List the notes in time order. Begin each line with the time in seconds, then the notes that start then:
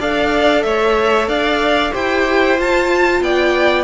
0.00 D4 A4 D5 F5
0.63 A3 C#5 E5
1.28 D4 D5 F5
1.93 E4 G4 C5 G5
2.58 F4 A5
3.21 B3 D5 G5